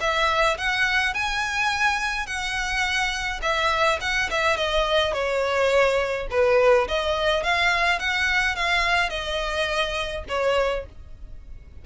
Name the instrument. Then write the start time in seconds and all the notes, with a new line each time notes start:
violin
0.00 E5
0.57 F#5
1.14 G#5
2.26 F#5
3.42 E5
4.01 F#5
4.30 E5
4.57 D#5
5.13 C#5
6.30 B4
6.88 D#5
7.43 F5
7.99 F#5
8.55 F5
9.09 D#5
10.28 C#5